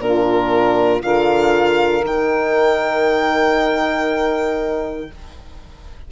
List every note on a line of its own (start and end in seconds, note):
0.00 1.02 A#2
0.00 1.02 D4
0.00 1.05 F4
0.00 1.03 A#4
1.02 2.03 D3
1.02 2.04 F4
1.02 5.11 A#4
1.02 2.05 F5
2.03 5.08 D#3
2.03 5.11 D#4
2.03 5.12 G5